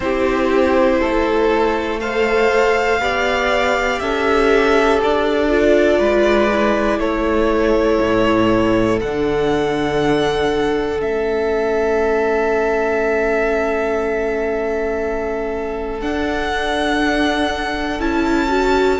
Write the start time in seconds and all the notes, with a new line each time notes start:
0.00 C4 E4 G4 C5
1.00 A3 A4
2.00 A4 C5 F5
2.99 B3 G4 D5
3.99 C#4 A4 E5
5.02 D4 D5
5.49 F4
5.98 G#3 B4
6.51 E4
6.98 A3 A4 C#5
8.00 A2
9.00 D3 D4 F#5
10.99 A3 C#4 E5
16.00 D4 F#5
17.99 C#4 E4 A5
18.48 F#4